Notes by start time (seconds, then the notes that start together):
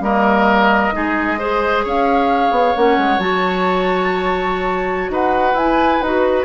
0.00 G3 A#3 A#4 D#5
0.92 G#3 D#4 G#4
1.39 G#4 C5
1.84 C#4 C#5 F5
2.50 B3
2.75 A#3 C#4 F#5
2.98 G#3
3.18 F#3 F#4 A5
5.09 D#4 B4 F#5
5.53 E4 G#5
5.59 E4
6.01 D#4 F#4 B4